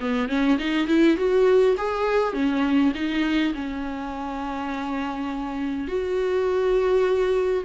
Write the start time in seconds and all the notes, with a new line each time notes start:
0.00 B3
0.29 C#4
0.59 D#4
0.88 E4
1.17 F#4
1.78 G#4
2.34 C#4
2.95 D#4
3.54 C#4
5.88 F#4